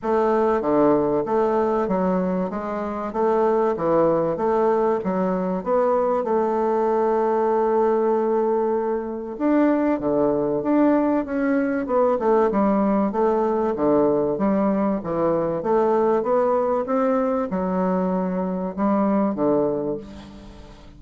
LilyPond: \new Staff \with { instrumentName = "bassoon" } { \time 4/4 \tempo 4 = 96 a4 d4 a4 fis4 | gis4 a4 e4 a4 | fis4 b4 a2~ | a2. d'4 |
d4 d'4 cis'4 b8 a8 | g4 a4 d4 g4 | e4 a4 b4 c'4 | fis2 g4 d4 | }